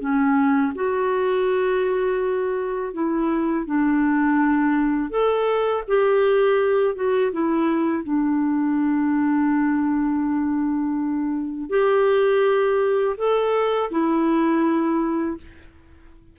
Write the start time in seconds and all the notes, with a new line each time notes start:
0.00 C#4
0.75 F#4
2.93 E4
3.67 D4
5.11 A4
5.88 G4
6.95 F#4
7.32 E4
8.04 D4
11.70 G4
13.17 A4
13.91 E4